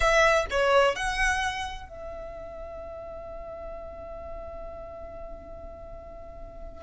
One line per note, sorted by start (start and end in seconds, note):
0.00 0.46 E5
0.50 0.95 C#5
0.95 1.89 F#5
1.89 6.83 E5